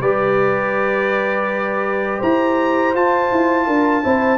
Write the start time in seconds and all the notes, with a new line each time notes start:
0.00 G3 G4 B4 D5
2.18 E4 C5 A#5
2.94 F4 A5
3.31 E4
3.66 D4 A#4
4.03 C4 E4 C5